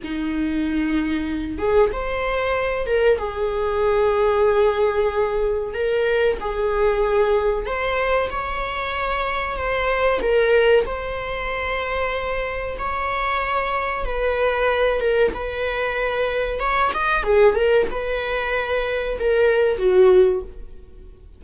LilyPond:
\new Staff \with { instrumentName = "viola" } { \time 4/4 \tempo 4 = 94 dis'2~ dis'8 gis'8 c''4~ | c''8 ais'8 gis'2.~ | gis'4 ais'4 gis'2 | c''4 cis''2 c''4 |
ais'4 c''2. | cis''2 b'4. ais'8 | b'2 cis''8 dis''8 gis'8 ais'8 | b'2 ais'4 fis'4 | }